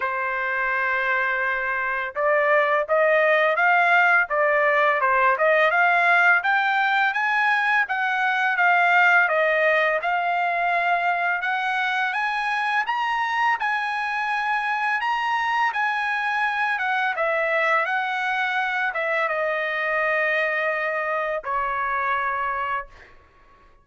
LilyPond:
\new Staff \with { instrumentName = "trumpet" } { \time 4/4 \tempo 4 = 84 c''2. d''4 | dis''4 f''4 d''4 c''8 dis''8 | f''4 g''4 gis''4 fis''4 | f''4 dis''4 f''2 |
fis''4 gis''4 ais''4 gis''4~ | gis''4 ais''4 gis''4. fis''8 | e''4 fis''4. e''8 dis''4~ | dis''2 cis''2 | }